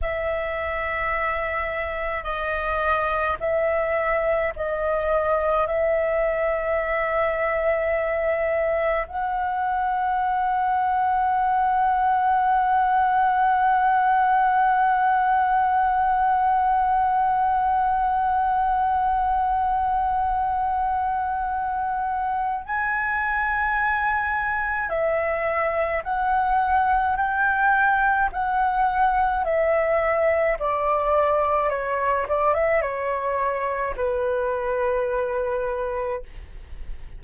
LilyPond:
\new Staff \with { instrumentName = "flute" } { \time 4/4 \tempo 4 = 53 e''2 dis''4 e''4 | dis''4 e''2. | fis''1~ | fis''1~ |
fis''1 | gis''2 e''4 fis''4 | g''4 fis''4 e''4 d''4 | cis''8 d''16 e''16 cis''4 b'2 | }